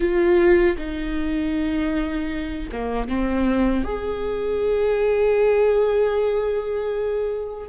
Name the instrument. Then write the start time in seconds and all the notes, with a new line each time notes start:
viola
0.00 F4
0.77 D#4
2.71 A#3
3.08 C4
3.84 G#4